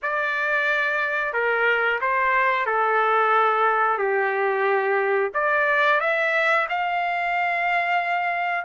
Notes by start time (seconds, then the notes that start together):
0.02 D5
1.33 A#4
2.00 C5
2.66 A4
3.98 G4
5.34 D5
6.00 E5
6.69 F5